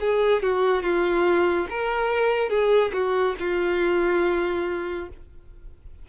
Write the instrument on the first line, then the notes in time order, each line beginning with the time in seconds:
violin
0.00 G#4
0.42 F#4
0.83 F4
1.70 A#4
2.49 G#4
2.93 F#4
3.39 F4